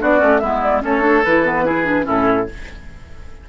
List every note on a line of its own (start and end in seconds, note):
0.00 0.22 B3
0.00 0.18 D4
0.00 0.41 F#4
0.00 0.39 D5
0.18 0.42 A3
0.18 0.39 C#4
0.39 0.83 G#3
0.39 0.81 B3
0.39 0.82 E4
0.39 0.60 E5
0.62 0.83 D5
0.81 1.25 A3
0.81 1.01 C#4
0.81 1.65 A4
0.81 1.24 C#5
1.01 1.21 D4
1.24 2.07 E3
1.24 1.46 E4
1.24 2.06 B4
1.46 1.65 B3
1.65 1.85 E4
1.65 2.06 G#4
1.85 2.03 D4
2.03 2.49 A2
2.03 2.44 C#4
2.03 2.47 E4
2.03 2.49 A4